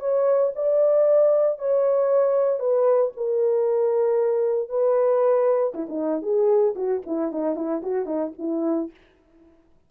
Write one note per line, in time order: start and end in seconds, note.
0.00 0.52 C#5
0.55 1.59 D5
1.59 2.60 C#5
2.60 3.12 B4
3.17 4.69 A#4
4.69 5.74 B4
5.74 5.87 E4
5.89 6.23 D#4
6.23 6.75 G#4
6.76 7.02 F#4
7.06 7.32 E4
7.32 7.56 D#4
7.56 7.82 E4
7.83 8.06 F#4
8.06 8.32 D#4
8.39 8.91 E4